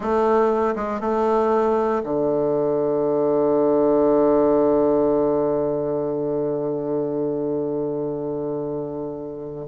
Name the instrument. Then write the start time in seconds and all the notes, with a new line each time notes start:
bassoon
0.00 A3
0.75 G#3
1.00 A3
2.03 D3